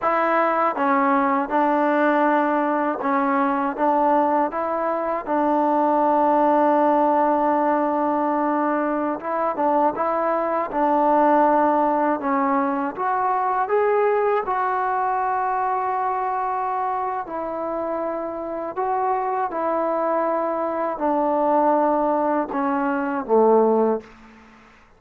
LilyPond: \new Staff \with { instrumentName = "trombone" } { \time 4/4 \tempo 4 = 80 e'4 cis'4 d'2 | cis'4 d'4 e'4 d'4~ | d'1~ | d'16 e'8 d'8 e'4 d'4.~ d'16~ |
d'16 cis'4 fis'4 gis'4 fis'8.~ | fis'2. e'4~ | e'4 fis'4 e'2 | d'2 cis'4 a4 | }